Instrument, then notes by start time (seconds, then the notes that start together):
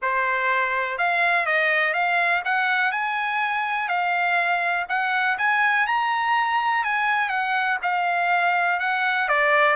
trumpet
0.02 C5
0.98 F5
1.45 D#5
1.93 F5
2.44 F#5
2.91 G#5
3.88 F5
4.88 F#5
5.37 G#5
5.86 A#5
6.83 G#5
7.29 F#5
7.82 F5
8.79 F#5
9.28 D5